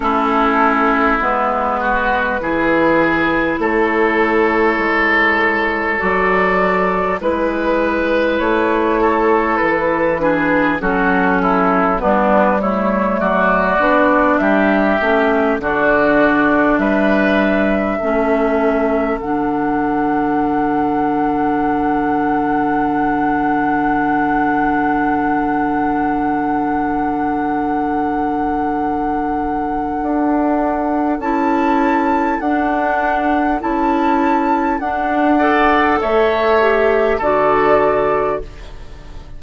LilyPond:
<<
  \new Staff \with { instrumentName = "flute" } { \time 4/4 \tempo 4 = 50 a'4 b'2 cis''4~ | cis''4 d''4 b'4 cis''4 | b'4 a'4 b'8 cis''8 d''4 | e''4 d''4 e''2 |
fis''1~ | fis''1~ | fis''2 a''4 fis''4 | a''4 fis''4 e''4 d''4 | }
  \new Staff \with { instrumentName = "oboe" } { \time 4/4 e'4. fis'8 gis'4 a'4~ | a'2 b'4. a'8~ | a'8 gis'8 fis'8 e'8 d'8 e'8 fis'4 | g'4 fis'4 b'4 a'4~ |
a'1~ | a'1~ | a'1~ | a'4. d''8 cis''4 a'4 | }
  \new Staff \with { instrumentName = "clarinet" } { \time 4/4 cis'4 b4 e'2~ | e'4 fis'4 e'2~ | e'8 d'8 cis'4 b8 a4 d'8~ | d'8 cis'8 d'2 cis'4 |
d'1~ | d'1~ | d'2 e'4 d'4 | e'4 d'8 a'4 g'8 fis'4 | }
  \new Staff \with { instrumentName = "bassoon" } { \time 4/4 a4 gis4 e4 a4 | gis4 fis4 gis4 a4 | e4 fis4 g4 fis8 b8 | g8 a8 d4 g4 a4 |
d1~ | d1~ | d4 d'4 cis'4 d'4 | cis'4 d'4 a4 d4 | }
>>